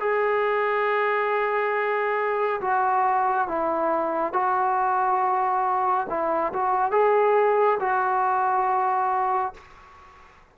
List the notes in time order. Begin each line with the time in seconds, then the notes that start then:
0.00 G#4
2.61 F#4
3.48 E4
4.33 F#4
6.09 E4
6.53 F#4
6.92 G#4
7.80 F#4